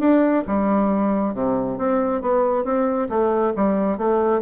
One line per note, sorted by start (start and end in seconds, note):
0.00 0.44 D4
0.48 1.34 G3
1.34 1.78 C3
1.79 2.22 C4
2.22 2.65 B3
2.65 3.09 C4
3.10 3.54 A3
3.56 3.98 G3
3.98 4.42 A3